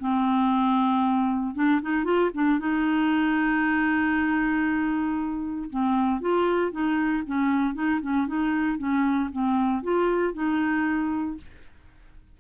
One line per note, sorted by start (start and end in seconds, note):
0.00 1.55 C4
1.55 1.81 D4
1.82 2.05 D#4
2.05 2.31 F4
2.34 2.59 D4
2.59 5.70 D#4
5.70 6.21 C4
6.21 6.72 F4
6.72 7.23 D#4
7.26 7.74 C#4
7.74 8.00 D#4
8.01 8.27 C#4
8.27 8.78 D#4
8.78 9.30 C#4
9.32 9.83 C4
9.83 10.34 F4
10.34 11.37 D#4